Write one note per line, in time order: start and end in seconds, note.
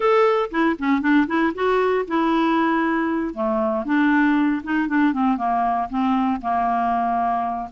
0.00 0.50 A4
0.50 0.76 E4
0.78 1.01 C#4
1.01 1.26 D4
1.27 1.52 E4
1.54 2.05 F#4
2.07 3.33 E4
3.33 3.85 A3
3.85 4.62 D4
4.63 4.88 D#4
4.88 5.13 D4
5.13 5.37 C4
5.37 5.88 A#3
5.89 6.41 C4
6.41 7.69 A#3